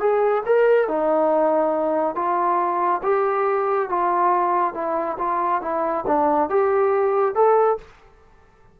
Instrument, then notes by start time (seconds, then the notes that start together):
trombone
0.00 G#4
0.46 A#4
0.88 D#4
2.15 F4
3.03 G4
3.89 F4
4.74 E4
5.18 F4
5.62 E4
6.07 D4
6.49 G4
7.35 A4